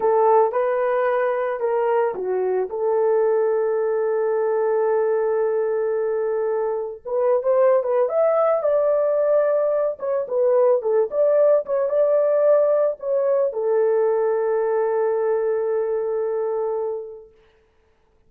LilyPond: \new Staff \with { instrumentName = "horn" } { \time 4/4 \tempo 4 = 111 a'4 b'2 ais'4 | fis'4 a'2.~ | a'1~ | a'4 b'8. c''8. b'8 e''4 |
d''2~ d''8 cis''8 b'4 | a'8 d''4 cis''8 d''2 | cis''4 a'2.~ | a'1 | }